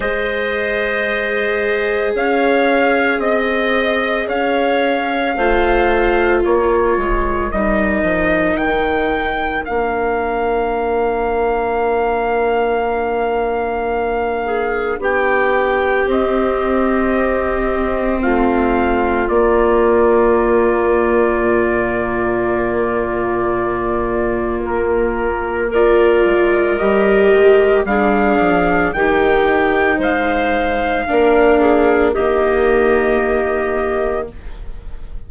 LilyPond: <<
  \new Staff \with { instrumentName = "trumpet" } { \time 4/4 \tempo 4 = 56 dis''2 f''4 dis''4 | f''2 cis''4 dis''4 | g''4 f''2.~ | f''2 g''4 dis''4~ |
dis''4 f''4 d''2~ | d''2. ais'4 | d''4 dis''4 f''4 g''4 | f''2 dis''2 | }
  \new Staff \with { instrumentName = "clarinet" } { \time 4/4 c''2 cis''4 dis''4 | cis''4 c''4 ais'2~ | ais'1~ | ais'4. gis'8 g'2~ |
g'4 f'2.~ | f'1 | ais'2 gis'4 g'4 | c''4 ais'8 gis'8 g'2 | }
  \new Staff \with { instrumentName = "viola" } { \time 4/4 gis'1~ | gis'4 f'2 dis'4~ | dis'4 d'2.~ | d'2. c'4~ |
c'2 ais2~ | ais1 | f'4 g'4 d'4 dis'4~ | dis'4 d'4 ais2 | }
  \new Staff \with { instrumentName = "bassoon" } { \time 4/4 gis2 cis'4 c'4 | cis'4 a4 ais8 gis8 g8 f8 | dis4 ais2.~ | ais2 b4 c'4~ |
c'4 a4 ais2 | ais,2. ais4~ | ais8 gis8 g8 gis8 g8 f8 dis4 | gis4 ais4 dis2 | }
>>